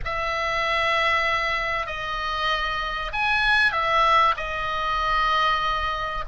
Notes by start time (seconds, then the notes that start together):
0.05 E5
1.86 D#5
3.12 G#5
3.72 E5
4.37 D#5